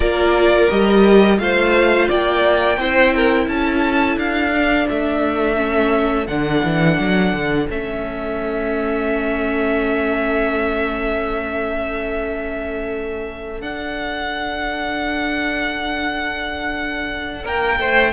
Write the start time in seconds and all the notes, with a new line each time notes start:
0.00 A#3 F4 A#4 D5
0.70 G3 G4 D#5
1.37 A3 F4 C5 F5
2.08 A#3 D5 G5
2.77 C4 E4 C5
3.15 A#4
3.48 C#4 A4 A5
4.16 D4 F5
4.52 D4
4.89 A3 E5
5.56 C#4
6.27 D3 D4 F#5
6.63 E3
6.99 F#3
7.33 D3
7.69 A3 C#4 E5
13.60 D4 F#5
17.44 A#3 A#4 G5
17.79 A3 C5